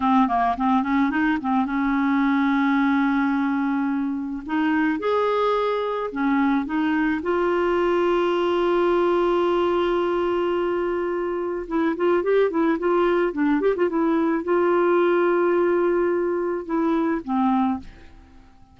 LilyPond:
\new Staff \with { instrumentName = "clarinet" } { \time 4/4 \tempo 4 = 108 c'8 ais8 c'8 cis'8 dis'8 c'8 cis'4~ | cis'1 | dis'4 gis'2 cis'4 | dis'4 f'2.~ |
f'1~ | f'4 e'8 f'8 g'8 e'8 f'4 | d'8 g'16 f'16 e'4 f'2~ | f'2 e'4 c'4 | }